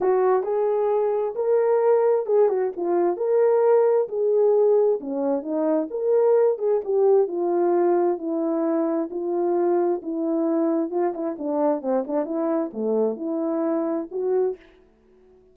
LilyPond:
\new Staff \with { instrumentName = "horn" } { \time 4/4 \tempo 4 = 132 fis'4 gis'2 ais'4~ | ais'4 gis'8 fis'8 f'4 ais'4~ | ais'4 gis'2 cis'4 | dis'4 ais'4. gis'8 g'4 |
f'2 e'2 | f'2 e'2 | f'8 e'8 d'4 c'8 d'8 e'4 | a4 e'2 fis'4 | }